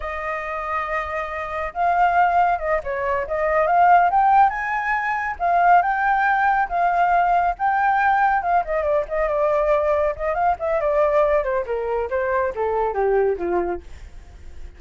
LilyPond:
\new Staff \with { instrumentName = "flute" } { \time 4/4 \tempo 4 = 139 dis''1 | f''2 dis''8 cis''4 dis''8~ | dis''8 f''4 g''4 gis''4.~ | gis''8 f''4 g''2 f''8~ |
f''4. g''2 f''8 | dis''8 d''8 dis''8 d''2 dis''8 | f''8 e''8 d''4. c''8 ais'4 | c''4 a'4 g'4 f'4 | }